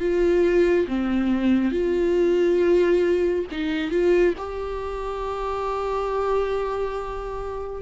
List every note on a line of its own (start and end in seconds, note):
0.00 0.87 F4
0.88 1.72 C4
1.72 3.46 F4
3.52 3.91 D#4
3.91 4.35 F4
4.38 7.82 G4